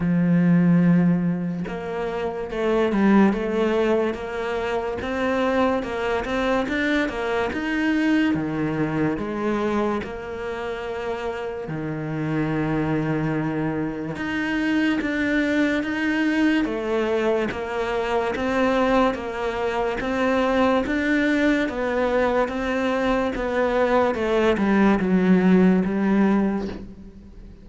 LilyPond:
\new Staff \with { instrumentName = "cello" } { \time 4/4 \tempo 4 = 72 f2 ais4 a8 g8 | a4 ais4 c'4 ais8 c'8 | d'8 ais8 dis'4 dis4 gis4 | ais2 dis2~ |
dis4 dis'4 d'4 dis'4 | a4 ais4 c'4 ais4 | c'4 d'4 b4 c'4 | b4 a8 g8 fis4 g4 | }